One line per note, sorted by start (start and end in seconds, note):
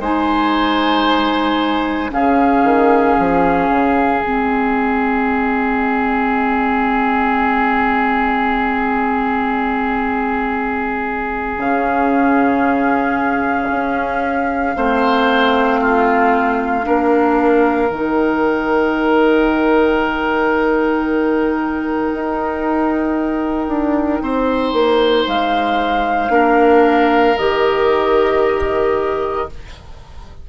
0.00 2.11 G#3
0.00 2.10 D#4
0.00 2.11 C5
0.00 2.12 G#5
2.10 2.64 C#3
2.10 4.20 C#4
2.10 14.76 G#4
2.10 4.23 F5
2.64 3.17 D#3
3.19 3.70 F3
3.70 4.21 C#3
4.21 11.58 G#3
4.21 11.58 C4
4.21 11.59 D#5
11.58 13.69 C#3
11.58 14.74 C#4
11.58 17.91 F5
13.71 14.76 C#4
14.75 16.87 A3
14.75 16.83 C4
14.75 15.81 C5
15.81 16.86 F4
16.83 17.90 A#3
16.83 17.88 D4
16.83 24.23 A#4
17.90 22.11 D#3
17.90 26.30 D#4
17.90 25.28 G5
22.14 23.68 D#4
23.68 24.20 D4
24.22 24.73 C4
24.22 26.33 C5
24.73 25.26 A#3
25.27 26.30 G#3
25.27 27.38 F5
26.30 27.35 A#3
26.30 27.35 D4
26.30 29.48 A#4
27.38 29.49 D#3
27.38 29.49 G4
27.38 29.48 D#5